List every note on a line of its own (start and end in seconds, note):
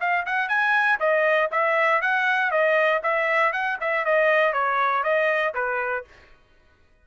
0.00 0.25 F5
0.25 0.49 F#5
0.49 0.99 G#5
0.99 1.50 D#5
1.51 2.01 E5
2.01 2.51 F#5
2.51 3.01 D#5
3.03 3.52 E5
3.52 3.77 F#5
3.80 4.05 E5
4.05 4.53 D#5
4.53 5.03 C#5
5.03 5.53 D#5
5.54 6.04 B4